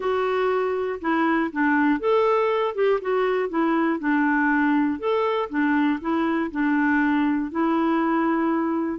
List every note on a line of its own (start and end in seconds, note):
0.00 0.99 F#4
1.00 1.50 E4
1.51 1.99 D4
1.99 2.74 A4
2.75 3.00 G4
3.01 3.49 F#4
3.49 3.99 E4
3.99 4.99 D4
4.99 5.49 A4
5.49 5.99 D4
6.00 6.50 E4
6.51 7.51 D4
7.51 8.99 E4